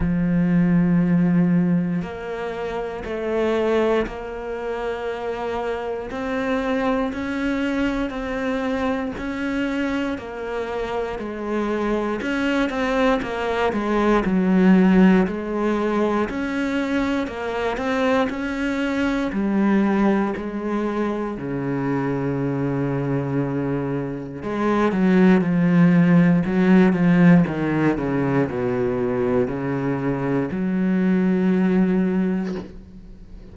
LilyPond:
\new Staff \with { instrumentName = "cello" } { \time 4/4 \tempo 4 = 59 f2 ais4 a4 | ais2 c'4 cis'4 | c'4 cis'4 ais4 gis4 | cis'8 c'8 ais8 gis8 fis4 gis4 |
cis'4 ais8 c'8 cis'4 g4 | gis4 cis2. | gis8 fis8 f4 fis8 f8 dis8 cis8 | b,4 cis4 fis2 | }